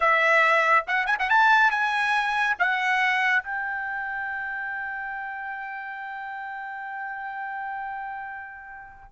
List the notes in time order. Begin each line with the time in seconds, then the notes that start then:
0.00 E5
0.87 F#5
1.06 G#5
1.19 F#5
1.29 A5
1.70 G#5
2.59 F#5
3.43 G5